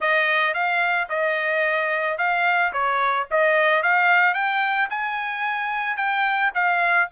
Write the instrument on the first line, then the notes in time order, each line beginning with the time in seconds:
trumpet
0.00 D#5
0.54 F5
1.09 D#5
2.17 F5
2.72 C#5
3.30 D#5
3.82 F5
4.34 G5
4.89 G#5
5.96 G5
6.54 F5